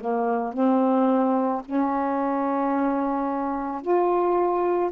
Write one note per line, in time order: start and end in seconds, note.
0.00 0.53 A#3
0.53 1.62 C4
1.65 3.81 C#4
3.81 4.90 F4